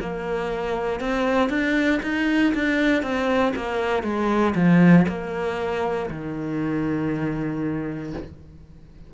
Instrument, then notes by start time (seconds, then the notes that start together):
cello
0.00 A#3
1.00 C4
1.49 D4
2.02 D#4
2.54 D4
3.02 C4
3.55 A#3
4.03 G#3
4.55 F3
5.08 A#3
6.10 D#3